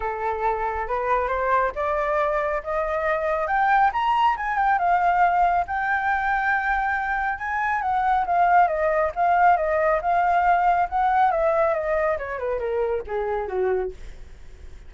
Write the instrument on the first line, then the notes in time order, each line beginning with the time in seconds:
flute
0.00 A4
0.87 B4
1.27 C5
1.75 D5
2.63 D#5
3.47 G5
3.92 A#5
4.37 G#5
4.57 G5
4.78 F5
5.67 G5
7.38 G#5
7.81 F#5
8.26 F5
8.67 D#5
9.15 F5
9.57 D#5
10.01 F5
10.89 F#5
11.31 E5
11.74 D#5
12.17 C#5
12.39 B4
12.59 A#4
13.06 G#4
13.47 F#4